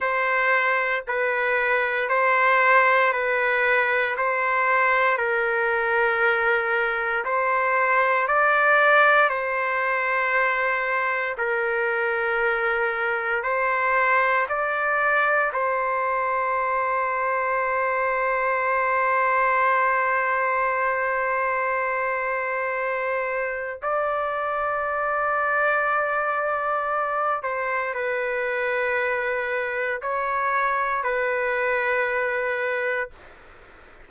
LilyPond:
\new Staff \with { instrumentName = "trumpet" } { \time 4/4 \tempo 4 = 58 c''4 b'4 c''4 b'4 | c''4 ais'2 c''4 | d''4 c''2 ais'4~ | ais'4 c''4 d''4 c''4~ |
c''1~ | c''2. d''4~ | d''2~ d''8 c''8 b'4~ | b'4 cis''4 b'2 | }